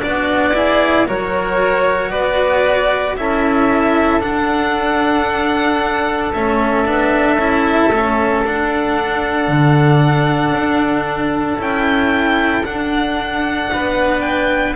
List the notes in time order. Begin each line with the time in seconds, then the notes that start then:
0.00 B3 D4 F#4 D5
0.54 E4 G#4
1.05 F#3 F#4 A#4 C#5
2.10 B3 B4 D5
3.16 C#4 E4 A4 E5
4.20 D4 F#5
6.33 A3 C#4 E5
6.85 B3 D4
7.34 C#4 E4
7.90 A3 C#4
8.44 D4 F#5
9.48 D3
10.52 D4
11.57 C#4 E4 G5
12.64 D4 F#5
13.72 B3 B4
14.20 G5